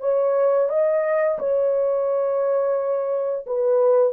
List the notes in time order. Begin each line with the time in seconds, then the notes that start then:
0.00 C#5
0.69 D#5
1.39 C#5
3.46 B4